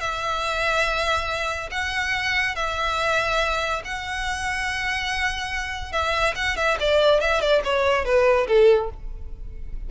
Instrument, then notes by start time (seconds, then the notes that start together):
violin
0.00 E5
1.71 F#5
2.55 E5
3.84 F#5
5.92 E5
6.35 F#5
6.56 E5
6.79 D5
7.20 E5
7.41 D5
7.64 C#5
8.05 B4
8.47 A4